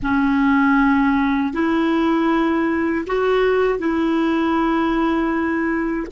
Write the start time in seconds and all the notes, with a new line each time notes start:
0.02 C#4
1.53 E4
3.07 F#4
3.78 E4